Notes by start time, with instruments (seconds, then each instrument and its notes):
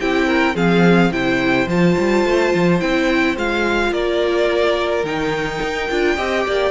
0.00 cello C4, viola E4, violin G4 G5
0.27 violin A#4
0.55 cello F3, viola C4, violin G#4 F5
1.11 cello C3, viola E4, violin C5 G5
1.67 cello F3, viola F4, violin A5
1.98 cello G3
2.25 cello A3
2.55 cello F3
2.80 cello C4, viola E4, violin G5
3.36 cello G#3, viola F4, violin F5
3.91 cello A#3, violin A#4 D5
5.04 cello D#3, viola D#4, violin G5
5.62 cello D#4
5.90 cello D4, viola F4
6.16 cello C4, viola G4, violin D#5
6.47 cello A#3, violin D5